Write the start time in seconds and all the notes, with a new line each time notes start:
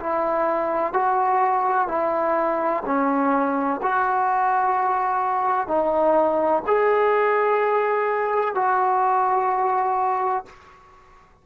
0.00 E4
0.93 F#4
1.88 E4
2.85 C#4
3.82 F#4
5.68 D#4
6.67 G#4
8.55 F#4